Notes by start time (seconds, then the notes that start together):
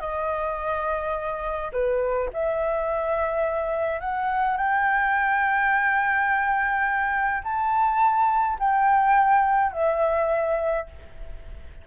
0.00 D#5
1.72 B4
2.33 E5
4.00 F#5
4.57 G5
7.43 A5
8.59 G5
9.72 E5